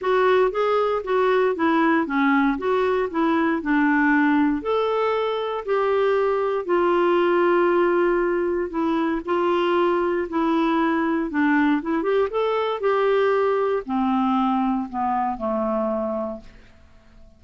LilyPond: \new Staff \with { instrumentName = "clarinet" } { \time 4/4 \tempo 4 = 117 fis'4 gis'4 fis'4 e'4 | cis'4 fis'4 e'4 d'4~ | d'4 a'2 g'4~ | g'4 f'2.~ |
f'4 e'4 f'2 | e'2 d'4 e'8 g'8 | a'4 g'2 c'4~ | c'4 b4 a2 | }